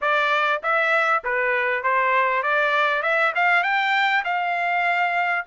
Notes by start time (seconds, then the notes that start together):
0.01 D5
0.62 E5
1.24 B4
1.83 C5
2.42 D5
3.02 E5
3.35 F5
3.63 G5
4.24 F5